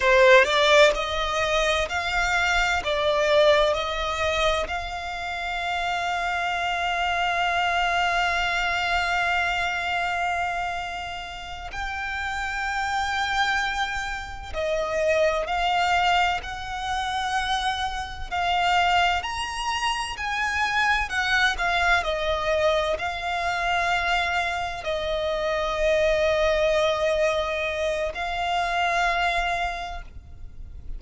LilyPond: \new Staff \with { instrumentName = "violin" } { \time 4/4 \tempo 4 = 64 c''8 d''8 dis''4 f''4 d''4 | dis''4 f''2.~ | f''1~ | f''8 g''2. dis''8~ |
dis''8 f''4 fis''2 f''8~ | f''8 ais''4 gis''4 fis''8 f''8 dis''8~ | dis''8 f''2 dis''4.~ | dis''2 f''2 | }